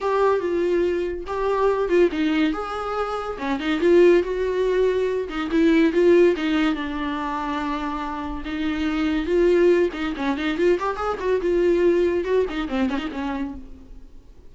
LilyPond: \new Staff \with { instrumentName = "viola" } { \time 4/4 \tempo 4 = 142 g'4 f'2 g'4~ | g'8 f'8 dis'4 gis'2 | cis'8 dis'8 f'4 fis'2~ | fis'8 dis'8 e'4 f'4 dis'4 |
d'1 | dis'2 f'4. dis'8 | cis'8 dis'8 f'8 g'8 gis'8 fis'8 f'4~ | f'4 fis'8 dis'8 c'8 cis'16 dis'16 cis'4 | }